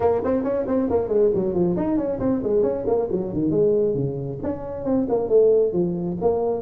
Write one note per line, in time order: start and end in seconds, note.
0.00 0.21 A#3
0.24 0.43 C4
0.43 0.65 C#4
0.67 0.89 C4
0.90 1.08 A#3
1.08 1.30 G#3
1.34 1.53 F#3
1.53 1.75 F3
1.76 1.97 D#4
1.97 2.19 C#4
2.19 2.41 C4
2.43 2.62 G#3
2.62 2.85 C#4
2.86 3.08 A#3
3.11 3.33 F#3
3.33 3.51 D#3
3.51 3.94 G#3
3.94 4.38 C#3
4.43 4.84 C#4
4.84 5.06 C4
5.08 5.28 A#3
5.28 5.72 A3
5.73 6.17 F3
6.21 6.61 A#3